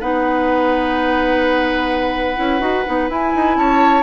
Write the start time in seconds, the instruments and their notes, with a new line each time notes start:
0.00 bassoon B3, clarinet D#4, oboe B4, flute F#5
2.36 bassoon C#4, clarinet E4
2.60 bassoon D#4, clarinet F#4
2.85 bassoon B3, clarinet D#4
3.08 clarinet E4, bassoon E4, flute G#5
3.35 bassoon D#4
3.56 bassoon C#4, oboe C#5, flute A5